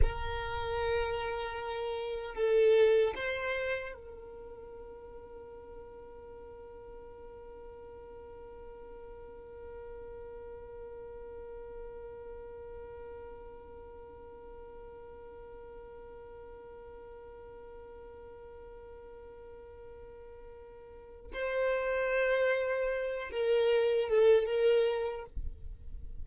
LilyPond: \new Staff \with { instrumentName = "violin" } { \time 4/4 \tempo 4 = 76 ais'2. a'4 | c''4 ais'2.~ | ais'1~ | ais'1~ |
ais'1~ | ais'1~ | ais'2. c''4~ | c''4. ais'4 a'8 ais'4 | }